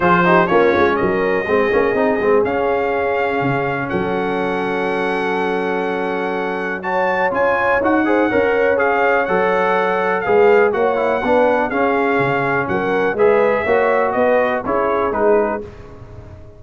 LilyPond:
<<
  \new Staff \with { instrumentName = "trumpet" } { \time 4/4 \tempo 4 = 123 c''4 cis''4 dis''2~ | dis''4 f''2. | fis''1~ | fis''2 a''4 gis''4 |
fis''2 f''4 fis''4~ | fis''4 f''4 fis''2 | f''2 fis''4 e''4~ | e''4 dis''4 cis''4 b'4 | }
  \new Staff \with { instrumentName = "horn" } { \time 4/4 gis'8 g'8 f'4 ais'4 gis'4~ | gis'1 | a'1~ | a'2 cis''2~ |
cis''8 c''8 cis''2.~ | cis''4 b'4 cis''4 b'4 | gis'2 ais'4 b'4 | cis''4 b'4 gis'2 | }
  \new Staff \with { instrumentName = "trombone" } { \time 4/4 f'8 dis'8 cis'2 c'8 cis'8 | dis'8 c'8 cis'2.~ | cis'1~ | cis'2 fis'4 f'4 |
fis'8 gis'8 ais'4 gis'4 a'4~ | a'4 gis'4 fis'8 e'8 d'4 | cis'2. gis'4 | fis'2 e'4 dis'4 | }
  \new Staff \with { instrumentName = "tuba" } { \time 4/4 f4 ais8 gis8 fis4 gis8 ais8 | c'8 gis8 cis'2 cis4 | fis1~ | fis2. cis'4 |
dis'4 cis'2 fis4~ | fis4 gis4 ais4 b4 | cis'4 cis4 fis4 gis4 | ais4 b4 cis'4 gis4 | }
>>